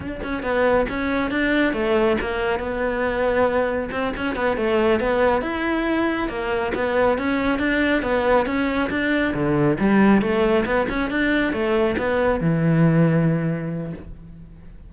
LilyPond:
\new Staff \with { instrumentName = "cello" } { \time 4/4 \tempo 4 = 138 d'8 cis'8 b4 cis'4 d'4 | a4 ais4 b2~ | b4 c'8 cis'8 b8 a4 b8~ | b8 e'2 ais4 b8~ |
b8 cis'4 d'4 b4 cis'8~ | cis'8 d'4 d4 g4 a8~ | a8 b8 cis'8 d'4 a4 b8~ | b8 e2.~ e8 | }